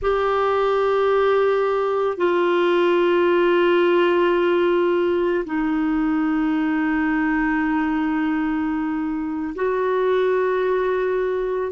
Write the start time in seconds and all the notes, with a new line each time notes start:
0.01 G4
2.17 F4
5.45 D#4
9.55 F#4